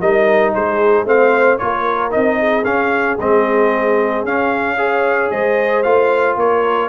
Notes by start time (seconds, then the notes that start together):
0.00 G3 D#4 A#4 D#5
0.54 G#3 G#4 C5
1.05 A3 C4 C5 F5
1.58 A#3 F4 A#4 C#5
2.10 C4 D#4 D#5
2.39 G#4
2.64 C#4 F5
3.18 G#3 C4 D#5
4.23 C#4 F5
4.78 G#4 C#5
5.31 G#3 C5 D#5
5.83 A3 F4 F5
6.36 A#3 A#4 C#5